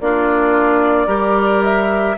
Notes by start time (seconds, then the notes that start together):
0.00 A#3 D4 F4 D5
1.06 G3 G4 A#4
1.63 E5